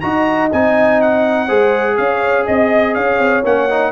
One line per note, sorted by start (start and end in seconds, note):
0.00 0.52 D#4
0.00 0.51 F#4
0.00 1.45 D#5
0.00 0.49 A#5
0.52 1.50 C4
0.52 1.48 D#4
0.52 1.01 G#5
1.01 1.97 F#5
1.45 1.98 G#3
1.45 3.43 G#4
1.45 1.94 C5
1.97 2.47 C#4
1.97 2.46 C#5
1.97 2.46 F5
2.46 2.96 C4
2.46 2.94 D#5
2.94 3.18 C#4
2.94 3.92 C#5
2.94 3.43 F5
3.18 3.43 C4
3.45 3.92 A#3
3.45 3.69 C#4
3.45 3.92 F#5
3.70 3.92 D#4